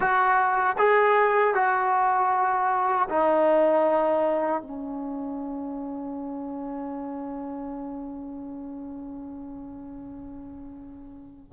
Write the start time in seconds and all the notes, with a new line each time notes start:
0.00 F#4
0.78 G#4
1.54 F#4
3.09 D#4
4.62 C#4